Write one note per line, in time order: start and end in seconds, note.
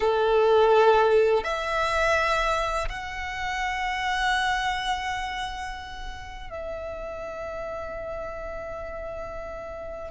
0.00 1.43 A4
1.43 2.88 E5
2.88 6.50 F#5
6.50 10.11 E5